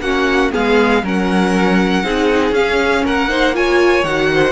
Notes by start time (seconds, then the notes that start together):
0.00 A#3 C#4 F#4 F#5
0.52 G#3 B3 G#4 F5
1.03 F#3 C#4 A#4 F#5
2.04 C4 D#4 G#4
2.51 C#4 F5
3.05 A#3 A#4 F#5
3.29 D#4 C5
3.54 F4 C#5 G#5
4.04 D#3 F#4 F#5
4.33 C5